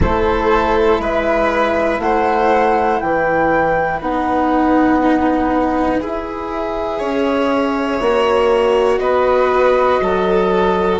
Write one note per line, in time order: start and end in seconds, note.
0.00 0.99 A3
0.00 4.01 E4
0.00 1.00 A4
0.00 1.01 C5
0.99 1.99 G#3
0.99 2.00 B4
0.99 2.00 E5
1.99 2.99 A3
1.99 3.02 C5
1.99 3.00 F#5
3.00 4.00 E3
3.00 6.98 B4
3.00 4.00 G5
4.00 6.00 B3
4.00 6.00 D#4
4.00 5.98 F#5
5.98 7.00 E4
5.98 8.00 G#4
5.98 8.98 E5
6.98 8.00 C#4
6.98 8.98 C#5
8.00 8.99 A#3
8.00 10.99 F#4
8.98 9.99 B3
8.98 10.00 B4
8.98 10.98 D#5
10.01 10.99 F#3
10.01 10.99 A4